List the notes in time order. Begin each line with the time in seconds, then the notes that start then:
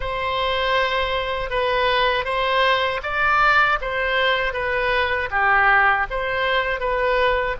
0.00 C5
1.49 B4
2.24 C5
3.02 D5
3.81 C5
4.53 B4
5.30 G4
6.10 C5
6.80 B4